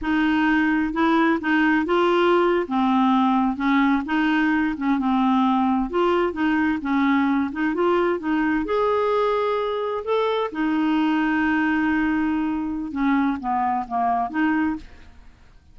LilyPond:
\new Staff \with { instrumentName = "clarinet" } { \time 4/4 \tempo 4 = 130 dis'2 e'4 dis'4 | f'4.~ f'16 c'2 cis'16~ | cis'8. dis'4. cis'8 c'4~ c'16~ | c'8. f'4 dis'4 cis'4~ cis'16~ |
cis'16 dis'8 f'4 dis'4 gis'4~ gis'16~ | gis'4.~ gis'16 a'4 dis'4~ dis'16~ | dis'1 | cis'4 b4 ais4 dis'4 | }